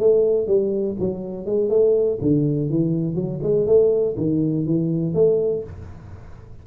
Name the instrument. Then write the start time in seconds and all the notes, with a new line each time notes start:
tuba
0.00 A3
0.47 G3
1.00 F#3
1.46 G#3
1.70 A3
2.22 D3
2.70 E3
3.15 F#3
3.43 G#3
3.67 A3
4.17 D#3
4.67 E3
5.14 A3